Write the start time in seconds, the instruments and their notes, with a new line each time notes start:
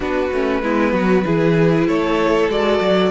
0.00 cello B3, viola D4, violin F#4 B4
0.32 cello A3, viola C#4
0.62 cello G#3, viola B3, violin E4
0.92 cello F#3, violin F#4
1.25 cello E3, viola E4, violin G#4
1.87 cello A3, violin A4 C#5
2.48 cello G#3, viola F#4, violin D5
2.80 cello F#3